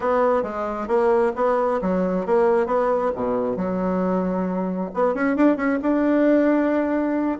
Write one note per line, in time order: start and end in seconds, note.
0.00 0.43 B3
0.43 0.87 G#3
0.87 1.32 A#3
1.35 1.80 B3
1.81 2.26 F#3
2.26 2.66 A#3
2.66 3.11 B3
3.15 3.56 B2
3.56 4.90 F#3
4.94 5.14 B3
5.14 5.36 C#4
5.36 5.56 D4
5.56 5.79 C#4
5.82 7.38 D4